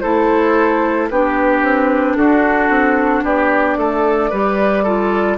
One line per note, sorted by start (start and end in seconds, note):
0.00 1.10 A3
0.00 1.10 E4
0.00 1.10 A4
0.00 1.07 C5
1.09 1.62 B3
1.09 4.32 D4
1.09 2.17 G4
1.09 2.16 B4
1.62 2.16 C4
2.16 2.69 D4
2.16 3.24 F#4
2.16 3.23 A4
2.69 3.23 C4
3.23 3.77 B3
3.23 3.78 G4
3.23 5.38 D5
3.77 4.31 A3
3.77 4.30 A4
4.30 5.38 G3
4.30 4.86 G4
4.30 4.83 B4
4.83 5.38 F4
4.83 5.37 A4